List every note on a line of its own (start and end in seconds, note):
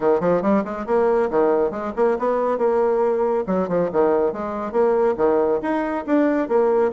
0.00 0.20 D#3
0.20 0.41 F3
0.41 0.63 G3
0.64 0.86 G#3
0.86 1.29 A#3
1.30 1.71 D#3
1.71 1.92 G#3
1.96 2.17 A#3
2.18 2.58 B3
2.58 3.44 A#3
3.46 3.68 F#3
3.68 3.90 F3
3.92 4.32 D#3
4.32 4.71 G#3
4.71 5.15 A#3
5.17 5.60 D#3
5.61 6.05 D#4
6.06 6.48 D4
6.48 6.91 A#3